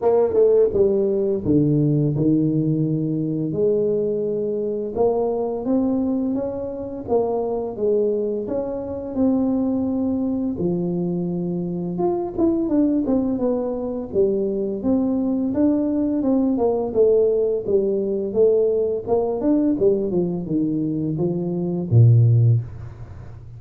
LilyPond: \new Staff \with { instrumentName = "tuba" } { \time 4/4 \tempo 4 = 85 ais8 a8 g4 d4 dis4~ | dis4 gis2 ais4 | c'4 cis'4 ais4 gis4 | cis'4 c'2 f4~ |
f4 f'8 e'8 d'8 c'8 b4 | g4 c'4 d'4 c'8 ais8 | a4 g4 a4 ais8 d'8 | g8 f8 dis4 f4 ais,4 | }